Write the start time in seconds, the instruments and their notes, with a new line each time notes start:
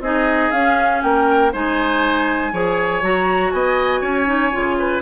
0.00 bassoon C4, clarinet D#4, oboe G#4, flute D#5
0.51 bassoon C#4, clarinet C#4, flute F5
1.02 bassoon A#3, oboe A#4, flute G5
1.52 bassoon G#3, clarinet D#4, oboe C5, flute G#5
2.52 bassoon F3, clarinet G#4, oboe C#5
3.02 bassoon F#3, clarinet F#4, flute A#5
3.51 bassoon B3, oboe D#5, flute G#5
4.01 bassoon C#4, oboe C#5
4.25 clarinet D#4
4.52 bassoon C#3, clarinet F4
4.79 oboe B4